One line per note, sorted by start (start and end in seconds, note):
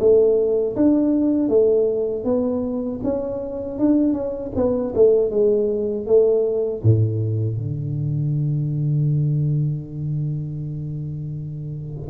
0.00 0.76 A3
0.76 1.49 D4
1.49 2.24 A3
2.24 3.00 B3
3.04 3.79 C#4
3.79 4.14 D4
4.14 4.52 C#4
4.56 4.94 B3
4.95 5.31 A3
5.31 6.07 G#3
6.07 6.83 A3
6.83 7.58 A2
7.58 12.10 D3